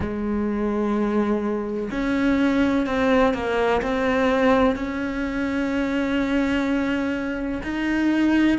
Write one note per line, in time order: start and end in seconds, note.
0.00 1.90 G#3
1.91 2.86 C#4
2.86 3.33 C4
3.34 3.81 A#3
3.81 4.75 C4
4.75 7.61 C#4
7.63 8.58 D#4